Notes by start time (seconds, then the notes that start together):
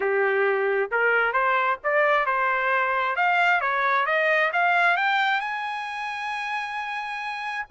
0.00 G4
0.91 A#4
1.32 C5
1.83 D5
2.26 C5
3.16 F5
3.60 C#5
4.06 D#5
4.53 F5
4.96 G5
5.40 G#5